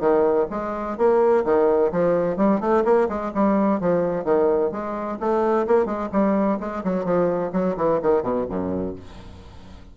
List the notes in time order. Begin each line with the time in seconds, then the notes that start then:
0.00 D#3
0.50 G#3
0.97 A#3
1.45 D#3
1.92 F3
2.37 G3
2.60 A3
2.85 A#3
3.09 G#3
3.34 G3
3.80 F3
4.24 D#3
4.71 G#3
5.20 A3
5.67 A#3
5.85 G#3
6.12 G3
6.60 G#3
6.84 F#3
7.04 F3
7.53 F#3
7.77 E3
8.02 D#3
8.23 B2
8.49 F#2